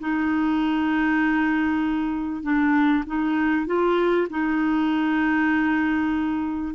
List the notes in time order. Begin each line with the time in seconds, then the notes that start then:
0.00 D#4
2.43 D4
3.06 D#4
3.66 F4
4.30 D#4